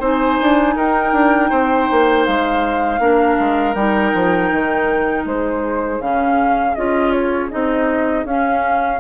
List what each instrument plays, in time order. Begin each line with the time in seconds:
0.00 bassoon C4, clarinet D#4, oboe C5, flute G#5
0.42 bassoon D4
0.76 bassoon D#4, oboe A#4, flute G5
1.13 bassoon D4
1.50 bassoon C4, oboe C5
1.91 bassoon A#3
2.26 bassoon G#3, flute F5
2.99 bassoon A#3, clarinet D4, oboe A#4
3.40 bassoon G#3
3.74 bassoon G3, clarinet D#4, flute G5
4.15 bassoon F3
4.52 bassoon D#3
5.25 bassoon G#3, oboe G#4, flute C5
6.00 bassoon C#3, clarinet C#4, flute F5
6.75 bassoon C#4, clarinet F4, flute D#5
7.12 flute C#5
7.50 bassoon C4, clarinet D#4, flute D#5
8.25 bassoon C#4, clarinet C#4, flute F5